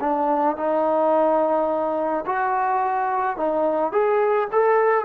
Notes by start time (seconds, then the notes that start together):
0.00 D4
0.56 D#4
2.26 F#4
3.37 D#4
3.92 G#4
4.52 A4